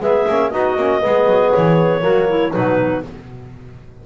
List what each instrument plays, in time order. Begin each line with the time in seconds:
0.00 double bass G#3, trombone B3, clarinet G#4 E5
0.28 double bass A#3, trombone C#4
0.50 double bass B3, trombone D#4, clarinet F#4 D#5
0.76 double bass A#3, trombone C#4
1.01 double bass G#3, trombone B3, clarinet G#4
1.26 double bass F#3
1.52 double bass E3, clarinet C#5
2.00 double bass F#3, trombone A#3, clarinet F#4
2.28 clarinet E4
2.51 double bass B2, trombone F#3, clarinet D#4 B4